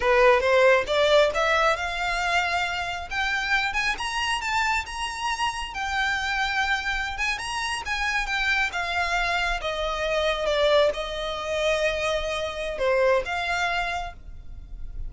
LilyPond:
\new Staff \with { instrumentName = "violin" } { \time 4/4 \tempo 4 = 136 b'4 c''4 d''4 e''4 | f''2. g''4~ | g''8 gis''8 ais''4 a''4 ais''4~ | ais''4 g''2.~ |
g''16 gis''8 ais''4 gis''4 g''4 f''16~ | f''4.~ f''16 dis''2 d''16~ | d''8. dis''2.~ dis''16~ | dis''4 c''4 f''2 | }